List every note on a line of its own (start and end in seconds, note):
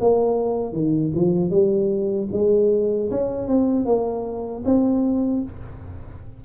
0.00 0.73 A#3
0.73 1.12 D#3
1.14 1.50 F3
1.50 2.28 G3
2.32 3.10 G#3
3.10 3.47 C#4
3.47 3.85 C4
3.85 4.63 A#3
4.65 5.43 C4